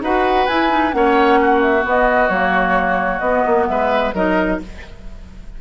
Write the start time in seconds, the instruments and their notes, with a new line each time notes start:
0.00 bassoon D#4, clarinet F#4, oboe B4, flute F#5
0.47 bassoon E4, clarinet E4, flute G#5
0.69 clarinet D#4
0.92 bassoon A#3, clarinet C#4, oboe C#5, flute F#5
1.40 oboe F#4
1.61 flute E5
1.81 clarinet B3, bassoon B3
1.88 flute D#5
2.29 bassoon F#3, clarinet A#3, flute C#5
3.19 bassoon B3, clarinet B3, flute D#5
3.46 bassoon A#3
3.67 bassoon G#3, oboe B4, flute E5
4.13 bassoon F#3, clarinet D#4, oboe A#4, flute D#5